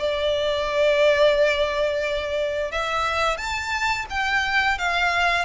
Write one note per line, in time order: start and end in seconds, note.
0.00 2.72 D5
2.72 3.38 E5
3.38 4.06 A5
4.10 4.79 G5
4.79 5.45 F5